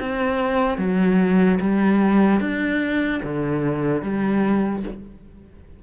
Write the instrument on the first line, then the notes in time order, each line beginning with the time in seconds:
cello
0.00 C4
0.78 F#3
1.60 G3
2.41 D4
3.23 D3
4.02 G3